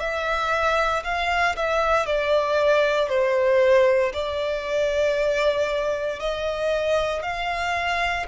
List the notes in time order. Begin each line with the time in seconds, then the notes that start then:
0.00 E5
1.04 F5
1.57 E5
2.06 D5
3.09 C5
4.13 D5
6.20 D#5
7.23 F5